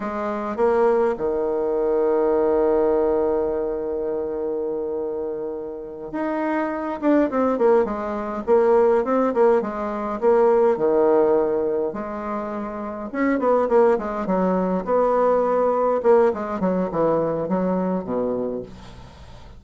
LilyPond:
\new Staff \with { instrumentName = "bassoon" } { \time 4/4 \tempo 4 = 103 gis4 ais4 dis2~ | dis1~ | dis2~ dis8 dis'4. | d'8 c'8 ais8 gis4 ais4 c'8 |
ais8 gis4 ais4 dis4.~ | dis8 gis2 cis'8 b8 ais8 | gis8 fis4 b2 ais8 | gis8 fis8 e4 fis4 b,4 | }